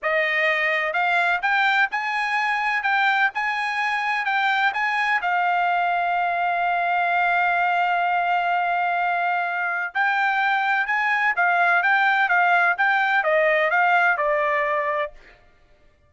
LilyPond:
\new Staff \with { instrumentName = "trumpet" } { \time 4/4 \tempo 4 = 127 dis''2 f''4 g''4 | gis''2 g''4 gis''4~ | gis''4 g''4 gis''4 f''4~ | f''1~ |
f''1~ | f''4 g''2 gis''4 | f''4 g''4 f''4 g''4 | dis''4 f''4 d''2 | }